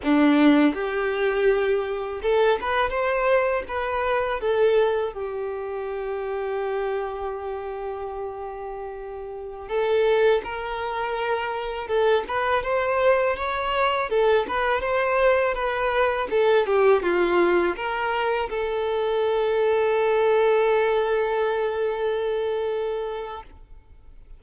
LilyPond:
\new Staff \with { instrumentName = "violin" } { \time 4/4 \tempo 4 = 82 d'4 g'2 a'8 b'8 | c''4 b'4 a'4 g'4~ | g'1~ | g'4~ g'16 a'4 ais'4.~ ais'16~ |
ais'16 a'8 b'8 c''4 cis''4 a'8 b'16~ | b'16 c''4 b'4 a'8 g'8 f'8.~ | f'16 ais'4 a'2~ a'8.~ | a'1 | }